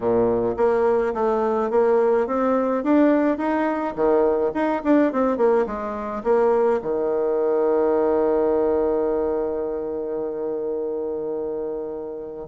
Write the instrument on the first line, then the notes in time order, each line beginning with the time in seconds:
bassoon
0.00 A#2
0.57 A#3
1.13 A3
1.70 A#3
2.26 C4
2.83 D4
3.37 D#4
3.95 D#3
4.53 D#4
4.84 D4
5.12 C4
5.37 A#3
5.66 G#3
6.23 A#3
6.82 D#3